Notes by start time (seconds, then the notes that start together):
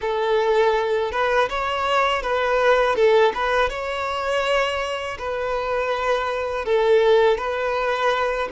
0.01 A4
1.11 B4
1.49 C#5
2.22 B4
2.95 A4
3.34 B4
3.69 C#5
5.18 B4
6.65 A4
7.37 B4